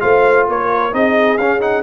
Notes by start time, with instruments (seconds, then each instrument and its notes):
0.00 tuba A3, trombone F4, horn C5, trumpet F5
0.49 tuba A#3, horn A#4, trumpet C#5
0.92 tuba C4, trombone D#4, horn G#4, trumpet D#5
1.38 tuba C#4, trombone C#4, trumpet F5
1.60 trombone D#4, trumpet F#5